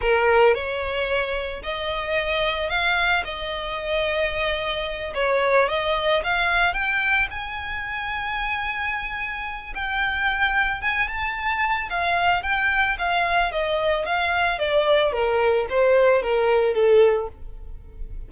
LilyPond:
\new Staff \with { instrumentName = "violin" } { \time 4/4 \tempo 4 = 111 ais'4 cis''2 dis''4~ | dis''4 f''4 dis''2~ | dis''4. cis''4 dis''4 f''8~ | f''8 g''4 gis''2~ gis''8~ |
gis''2 g''2 | gis''8 a''4. f''4 g''4 | f''4 dis''4 f''4 d''4 | ais'4 c''4 ais'4 a'4 | }